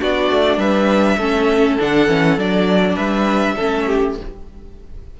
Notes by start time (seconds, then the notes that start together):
0.00 B3 D4 F#4 D5
0.30 A3
0.57 G3 B4 E5
1.17 A3 C#4 A4
1.78 D3 D4 F#5
2.07 E3 C#4
2.37 F#3 D4 D5
2.95 G3 B4 E5
3.56 A3 C#4 A4
3.86 G4